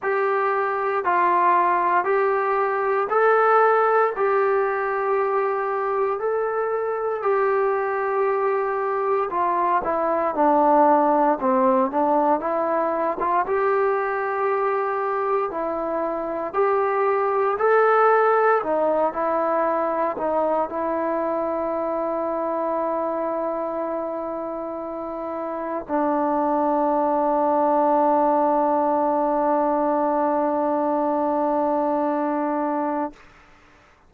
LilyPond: \new Staff \with { instrumentName = "trombone" } { \time 4/4 \tempo 4 = 58 g'4 f'4 g'4 a'4 | g'2 a'4 g'4~ | g'4 f'8 e'8 d'4 c'8 d'8 | e'8. f'16 g'2 e'4 |
g'4 a'4 dis'8 e'4 dis'8 | e'1~ | e'4 d'2.~ | d'1 | }